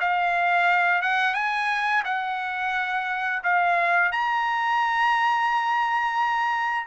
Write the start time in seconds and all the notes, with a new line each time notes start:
0.00 F5
1.02 F#5
1.34 G#5
2.05 F#5
3.44 F5
4.12 A#5